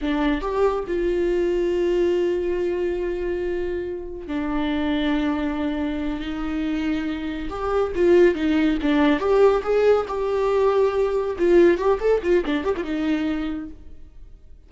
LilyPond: \new Staff \with { instrumentName = "viola" } { \time 4/4 \tempo 4 = 140 d'4 g'4 f'2~ | f'1~ | f'2 d'2~ | d'2~ d'8 dis'4.~ |
dis'4. g'4 f'4 dis'8~ | dis'8 d'4 g'4 gis'4 g'8~ | g'2~ g'8 f'4 g'8 | a'8 f'8 d'8 g'16 f'16 dis'2 | }